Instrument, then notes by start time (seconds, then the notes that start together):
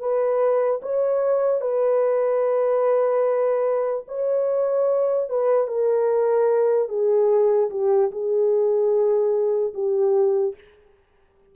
horn
0.00 B4
0.83 C#5
1.61 B4
4.08 C#5
5.30 B4
5.68 A#4
6.89 G#4
7.71 G4
8.12 G#4
9.74 G4